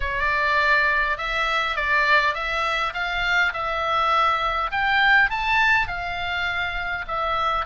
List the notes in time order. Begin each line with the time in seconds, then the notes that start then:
0.00 D5
1.17 E5
1.75 D5
2.34 E5
2.93 F5
3.53 E5
4.71 G5
5.30 A5
5.87 F5
7.07 E5